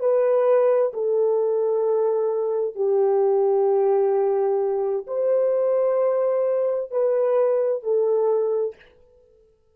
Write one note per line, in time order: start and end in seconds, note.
0.00 0.92 B4
0.94 2.75 A4
2.75 5.06 G4
5.07 6.91 C5
6.91 7.83 B4
7.83 8.75 A4